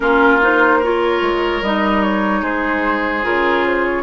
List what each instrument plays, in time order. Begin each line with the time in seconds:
0.00 bassoon A#3, clarinet C#4, oboe F4, flute A#4
0.41 clarinet D#4, flute C5
0.79 clarinet F4, oboe A#4, flute C#5
1.21 bassoon G#3
1.62 bassoon G3, clarinet D#4, flute D#5
2.02 flute C#5
2.41 bassoon G#3, oboe G#4, flute C5
3.22 bassoon C#3, clarinet F4, flute A#4
3.66 flute C5
3.84 flute C#5